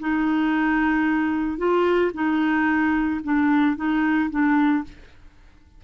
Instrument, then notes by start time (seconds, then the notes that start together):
clarinet
0.00 D#4
1.58 F4
2.14 D#4
3.24 D4
3.76 D#4
4.30 D4